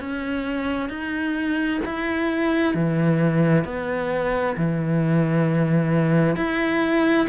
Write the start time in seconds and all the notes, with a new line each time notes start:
0.00 C#4
0.90 D#4
1.86 E4
2.74 E3
3.65 B3
4.57 E3
6.36 E4